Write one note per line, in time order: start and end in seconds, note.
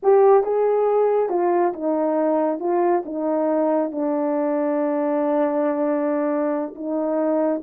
0.03 0.43 G4
0.43 1.29 G#4
1.29 1.72 F4
1.73 2.59 D#4
2.59 3.03 F4
3.05 3.91 D#4
3.91 6.74 D4
6.75 7.62 D#4